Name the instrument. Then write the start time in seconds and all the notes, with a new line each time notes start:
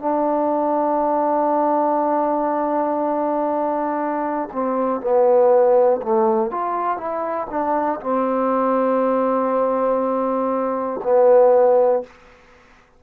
trombone
0.00 D4
4.53 C4
5.01 B3
6.03 A3
6.51 F4
6.98 E4
7.50 D4
8.01 C4
11.04 B3